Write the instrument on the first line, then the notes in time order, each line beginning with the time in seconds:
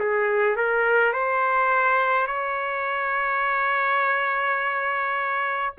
trumpet
0.00 G#4
0.57 A#4
1.14 C5
2.28 C#5